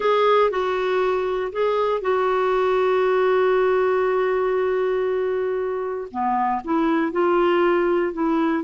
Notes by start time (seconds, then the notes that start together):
0.00 G#4
0.50 F#4
1.52 G#4
2.01 F#4
6.11 B3
6.64 E4
7.12 F4
8.13 E4